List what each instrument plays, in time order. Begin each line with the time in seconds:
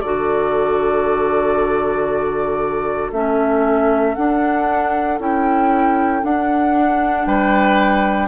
0.00 bassoon D3, clarinet F#4, oboe A4, flute D5
3.12 bassoon A3, clarinet C#4, flute E5
4.15 clarinet D4, bassoon D4, flute F#5
5.19 bassoon C#4, clarinet E4, flute G5
6.22 clarinet D4, bassoon D4, flute F#5
7.26 bassoon G3, oboe B4, flute G5